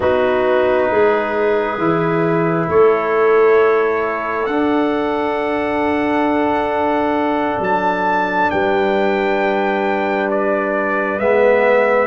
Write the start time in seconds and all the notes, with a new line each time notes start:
0.00 B3 D#4 F#4 B4
0.90 G#3 G#4
1.78 E3 E4
2.68 A3 A4 C#5
4.46 D4 F#5
7.59 F#3 A5
8.50 G3 B4 G5
10.30 D5
11.19 G#3 B3 E5